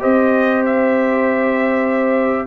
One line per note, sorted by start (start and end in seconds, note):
0.00 2.47 C4
0.00 2.47 G4
0.00 2.47 C5
0.00 0.65 D#5
0.66 2.47 E5